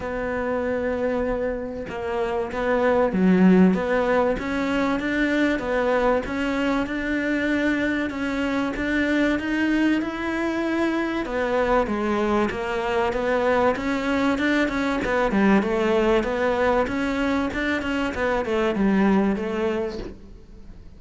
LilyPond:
\new Staff \with { instrumentName = "cello" } { \time 4/4 \tempo 4 = 96 b2. ais4 | b4 fis4 b4 cis'4 | d'4 b4 cis'4 d'4~ | d'4 cis'4 d'4 dis'4 |
e'2 b4 gis4 | ais4 b4 cis'4 d'8 cis'8 | b8 g8 a4 b4 cis'4 | d'8 cis'8 b8 a8 g4 a4 | }